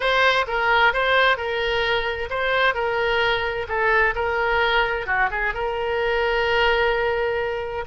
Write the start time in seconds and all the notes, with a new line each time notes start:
0.00 C5
0.47 A#4
0.93 C5
1.37 A#4
2.30 C5
2.74 A#4
3.68 A4
4.15 A#4
5.06 F#4
5.31 G#4
5.53 A#4